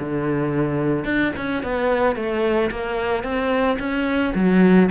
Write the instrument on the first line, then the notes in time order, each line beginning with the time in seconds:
cello
0.00 D3
1.05 D4
1.37 C#4
1.64 B3
2.16 A3
2.71 A#3
3.24 C4
3.79 C#4
4.35 F#3